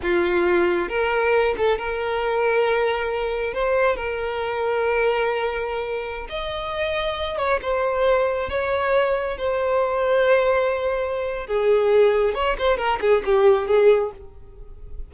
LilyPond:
\new Staff \with { instrumentName = "violin" } { \time 4/4 \tempo 4 = 136 f'2 ais'4. a'8 | ais'1 | c''4 ais'2.~ | ais'2~ ais'16 dis''4.~ dis''16~ |
dis''8. cis''8 c''2 cis''8.~ | cis''4~ cis''16 c''2~ c''8.~ | c''2 gis'2 | cis''8 c''8 ais'8 gis'8 g'4 gis'4 | }